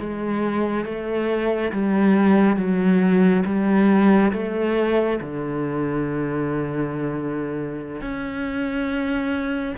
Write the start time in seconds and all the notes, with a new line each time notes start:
0.00 G#3
0.85 A3
1.72 G3
2.57 F#3
3.45 G3
4.33 A3
5.21 D3
8.02 C#4